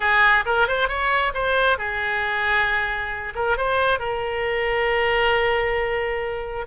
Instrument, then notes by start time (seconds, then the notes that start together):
oboe
0.00 G#4
0.45 A#4
0.67 C5
0.88 C#5
1.33 C5
1.78 G#4
3.35 A#4
3.57 C5
3.99 A#4